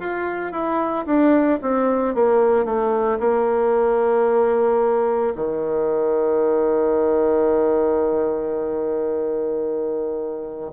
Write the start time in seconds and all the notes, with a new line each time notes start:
0.00 F4
0.52 E4
1.06 D4
1.62 C4
2.15 A#3
2.65 A3
3.19 A#3
5.36 D#3